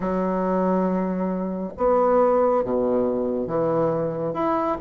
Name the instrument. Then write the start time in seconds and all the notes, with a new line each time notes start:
bassoon
0.00 F#3
1.77 B3
2.64 B2
3.47 E3
4.33 E4